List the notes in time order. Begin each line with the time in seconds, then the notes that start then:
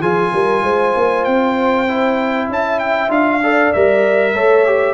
0.00 F3 F4 G#4 G#5
0.34 G3 A#4
0.63 G#3 C5
0.96 A#3
1.24 C4 G5
1.88 E4
2.49 C#4 E5 A5
2.79 G5
3.09 D4 F4 F5
3.43 A4 D5
3.73 G3 A#4 E5
4.34 A3 A4 C#5
4.66 G4